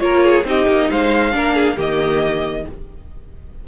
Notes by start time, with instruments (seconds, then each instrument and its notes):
0.00 cello A#3, viola F4, violin A#4 C#5
0.25 violin G#4
0.45 cello C4, viola D#4, violin G4 D#5
0.68 cello A#3
0.91 cello G#3, violin C5 F5
1.33 cello A#3, viola D4, violin A#4
1.55 violin G#4
1.76 cello D#3, viola A#3, violin G4 D#5